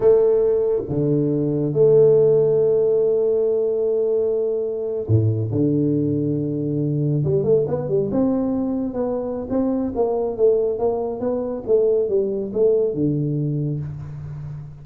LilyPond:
\new Staff \with { instrumentName = "tuba" } { \time 4/4 \tempo 4 = 139 a2 d2 | a1~ | a2.~ a8. a,16~ | a,8. d2.~ d16~ |
d8. g8 a8 b8 g8 c'4~ c'16~ | c'8. b4~ b16 c'4 ais4 | a4 ais4 b4 a4 | g4 a4 d2 | }